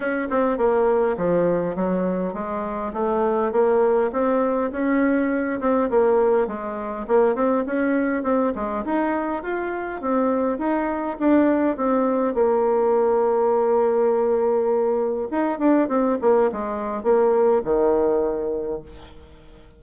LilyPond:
\new Staff \with { instrumentName = "bassoon" } { \time 4/4 \tempo 4 = 102 cis'8 c'8 ais4 f4 fis4 | gis4 a4 ais4 c'4 | cis'4. c'8 ais4 gis4 | ais8 c'8 cis'4 c'8 gis8 dis'4 |
f'4 c'4 dis'4 d'4 | c'4 ais2.~ | ais2 dis'8 d'8 c'8 ais8 | gis4 ais4 dis2 | }